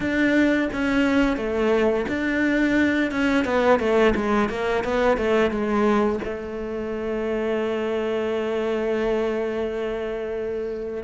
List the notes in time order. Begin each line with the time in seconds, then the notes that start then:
0.00 D4
0.72 C#4
1.36 A3
2.08 D4
3.11 C#4
3.45 B3
3.79 A3
4.15 G#3
4.49 A#3
4.84 B3
5.17 A3
5.50 G#3
6.24 A3